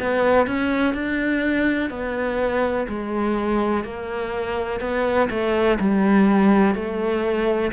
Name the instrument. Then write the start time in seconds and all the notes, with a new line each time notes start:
cello
0.00 B3
0.47 C#4
0.95 D4
1.90 B3
2.89 G#3
3.84 A#3
4.81 B3
5.30 A3
5.80 G3
6.75 A3